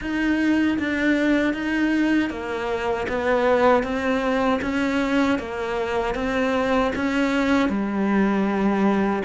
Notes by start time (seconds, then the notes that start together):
0.01 D#4
0.78 D4
1.53 D#4
2.30 A#3
3.08 B3
3.83 C4
4.62 C#4
5.38 A#3
6.15 C4
6.95 C#4
7.69 G3